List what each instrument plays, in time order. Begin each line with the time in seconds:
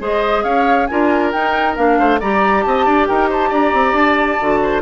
0.00 bassoon G#3, clarinet G#4, oboe C5, flute D#5
0.44 bassoon C#4, oboe C#5, flute F5
0.87 bassoon D4, clarinet F4, oboe A#4, flute G#5
1.32 clarinet D#4, bassoon D#4, flute G5
1.76 bassoon A#3, clarinet D4, flute F5
1.99 bassoon A3, oboe C5
2.20 bassoon G3, clarinet G4, oboe D5, flute A#5
2.62 bassoon C4, oboe D#5, flute A5
2.86 bassoon D4, oboe D5
3.07 bassoon D#4, oboe A#4, flute G5
3.29 oboe C5, flute A5
3.49 bassoon D4, oboe D5, flute A#5
3.74 bassoon C4
3.93 bassoon D4, flute A5
4.40 bassoon D3, clarinet F#4
4.63 oboe C5